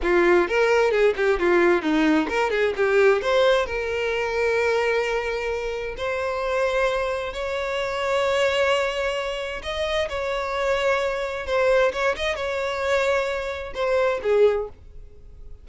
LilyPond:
\new Staff \with { instrumentName = "violin" } { \time 4/4 \tempo 4 = 131 f'4 ais'4 gis'8 g'8 f'4 | dis'4 ais'8 gis'8 g'4 c''4 | ais'1~ | ais'4 c''2. |
cis''1~ | cis''4 dis''4 cis''2~ | cis''4 c''4 cis''8 dis''8 cis''4~ | cis''2 c''4 gis'4 | }